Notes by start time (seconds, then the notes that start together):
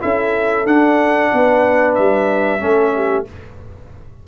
0.00 C#4 E4 A4 E5
0.65 D4 F#5
1.32 B3 B4
1.95 G3 E5
2.59 A3 C#4 A4
2.95 G4